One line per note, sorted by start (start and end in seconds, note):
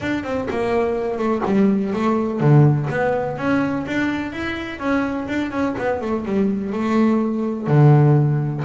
0.00 0.23 D4
0.23 0.47 C4
0.50 1.18 A#3
1.18 1.42 A3
1.45 1.93 G3
1.93 2.40 A3
2.40 2.88 D3
2.90 3.37 B3
3.37 3.85 C#4
3.86 4.32 D4
4.32 4.79 E4
4.79 5.27 C#4
5.28 5.51 D4
5.51 5.75 C#4
5.77 6.01 B3
6.01 6.25 A3
6.25 6.72 G3
6.72 7.67 A3
7.67 8.63 D3